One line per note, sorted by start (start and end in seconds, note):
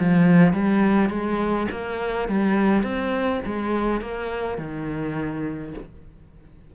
0.00 0.53 F3
0.53 1.10 G3
1.10 1.67 G#3
1.71 2.29 A#3
2.29 2.83 G3
2.83 3.41 C4
3.46 4.02 G#3
4.02 4.58 A#3
4.58 5.74 D#3